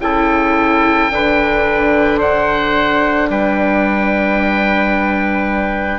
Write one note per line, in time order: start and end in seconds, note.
0.00 1.09 C#3
0.00 1.11 E4
0.00 1.13 A4
0.00 2.19 G5
1.10 3.28 D3
1.10 5.99 D4
1.10 2.19 B4
2.19 3.28 C5
2.19 3.30 F#5
3.30 5.99 G3
3.30 5.99 B4
3.30 5.99 G5